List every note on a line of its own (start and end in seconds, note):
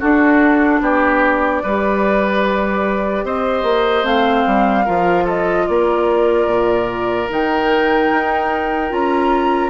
0.00 1.64 D4
0.00 0.81 D4
0.00 0.81 F#4
0.00 0.82 A4
0.81 1.62 B3
0.81 1.64 G4
0.81 3.26 D5
1.64 3.24 G3
1.64 4.04 G4
1.64 3.26 B4
3.24 3.64 C4
3.24 4.85 C5
3.24 4.06 D#5
3.64 4.04 A#3
4.04 4.45 A3
4.04 4.85 C4
4.04 5.27 F5
4.47 4.87 G3
4.85 5.69 F3
4.85 7.30 F4
4.85 5.25 A#4
5.25 5.65 A4
5.25 5.68 D#5
5.68 6.47 A#3
5.68 9.70 A#4
5.68 7.30 D5
6.47 7.28 A#2
7.30 8.12 D#3
7.30 8.90 D#4
7.30 8.94 G5
8.12 8.92 D#4
8.90 9.70 C#4
8.90 9.70 F4
8.90 9.70 A#5